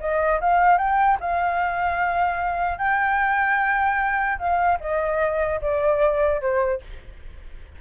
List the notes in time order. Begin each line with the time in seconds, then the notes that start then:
0.00 D#5
0.41 F5
0.78 G5
1.20 F5
2.78 G5
4.39 F5
4.80 D#5
5.61 D5
6.41 C5